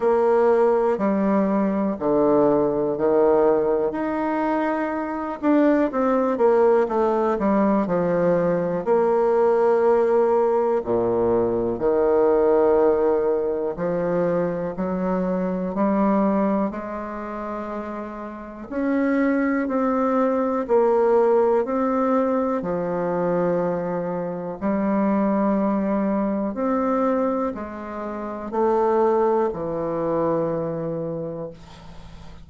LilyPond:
\new Staff \with { instrumentName = "bassoon" } { \time 4/4 \tempo 4 = 61 ais4 g4 d4 dis4 | dis'4. d'8 c'8 ais8 a8 g8 | f4 ais2 ais,4 | dis2 f4 fis4 |
g4 gis2 cis'4 | c'4 ais4 c'4 f4~ | f4 g2 c'4 | gis4 a4 e2 | }